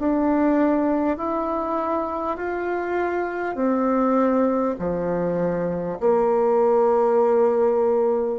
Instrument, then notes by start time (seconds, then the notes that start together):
bassoon
0.00 D4
1.18 E4
2.37 F4
3.56 C4
4.79 F3
6.01 A#3